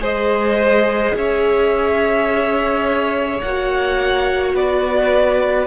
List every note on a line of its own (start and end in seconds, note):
0.00 1.13 G#3
0.00 3.40 G#4
0.00 1.15 C5
0.00 1.17 D#5
1.14 3.41 C#4
1.14 4.55 C#5
1.14 3.40 E5
3.40 4.54 A#3
3.40 5.67 F#4
3.40 4.54 F#5
4.54 5.67 B3
4.54 5.67 B4
4.54 5.67 D5